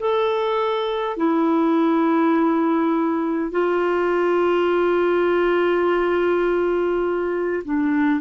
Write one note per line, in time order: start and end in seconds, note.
0.00 1.17 A4
1.17 3.51 E4
3.51 7.63 F4
7.65 8.21 D4